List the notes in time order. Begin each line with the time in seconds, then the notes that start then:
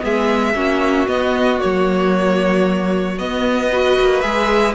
0.00 G#3 B3 G#4 E5
0.54 A#3 C#4 F#4
1.07 B3 D#5
1.59 A#3 C#5
1.65 F#3
3.18 B3 D#5
3.71 F#4 B4
4.00 A#3
4.21 G#3 G#4 E5